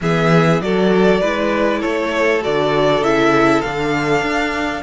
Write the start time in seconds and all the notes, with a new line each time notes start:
0.01 E3 B3 G#4 E5
0.60 F#3 F#4 A4 D5
1.21 G#3 E4 B4
1.79 A3 A4 C#5
2.41 D3 F#4 D5
3.01 C#3 E4 E5
3.61 D3 D4 F5
4.22 D4